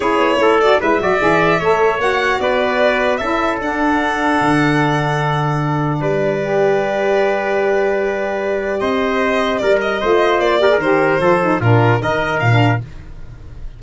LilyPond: <<
  \new Staff \with { instrumentName = "violin" } { \time 4/4 \tempo 4 = 150 cis''4. d''8 e''2~ | e''4 fis''4 d''2 | e''4 fis''2.~ | fis''2. d''4~ |
d''1~ | d''2 dis''2 | d''8 dis''4. d''4 c''4~ | c''4 ais'4 dis''4 f''4 | }
  \new Staff \with { instrumentName = "trumpet" } { \time 4/4 gis'4 a'4 b'8 d''4. | cis''2 b'2 | a'1~ | a'2. b'4~ |
b'1~ | b'2 c''2 | ais'4 c''4. ais'4. | a'4 f'4 ais'2 | }
  \new Staff \with { instrumentName = "saxophone" } { \time 4/4 e'4. fis'8 e'8 fis'8 gis'4 | a'4 fis'2. | e'4 d'2.~ | d'1 |
g'1~ | g'1~ | g'4 f'4. g'16 gis'16 g'4 | f'8 dis'8 d'4 dis'4~ dis'16 d'8. | }
  \new Staff \with { instrumentName = "tuba" } { \time 4/4 cis'8 b8 a4 gis8 fis8 e4 | a4 ais4 b2 | cis'4 d'2 d4~ | d2. g4~ |
g1~ | g2 c'2 | g4 a4 ais4 dis4 | f4 ais,4 dis4 ais,4 | }
>>